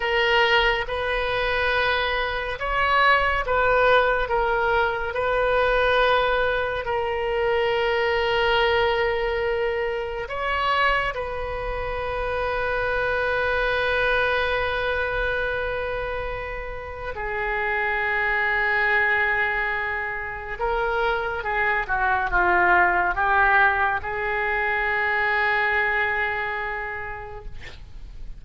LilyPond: \new Staff \with { instrumentName = "oboe" } { \time 4/4 \tempo 4 = 70 ais'4 b'2 cis''4 | b'4 ais'4 b'2 | ais'1 | cis''4 b'2.~ |
b'1 | gis'1 | ais'4 gis'8 fis'8 f'4 g'4 | gis'1 | }